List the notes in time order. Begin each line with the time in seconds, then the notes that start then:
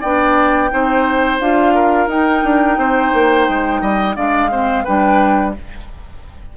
0.00 B3 D4 D5 G5
0.70 C4 D#4 C5
1.40 D4 F4 F5
1.74 A#4
2.07 D#4 G5
2.44 D4
2.77 C4 C5
3.13 A#3
3.48 G#3
3.81 G3 D#5
4.15 G#3 D4 D5 F5
4.50 C4 C5
4.83 G3 D4 B4 G5